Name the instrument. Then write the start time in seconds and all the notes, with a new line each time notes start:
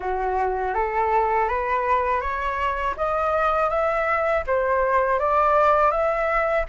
flute
0.00 F#4
0.74 A4
1.48 B4
2.21 C#5
2.96 D#5
3.69 E5
4.46 C5
5.19 D5
5.91 E5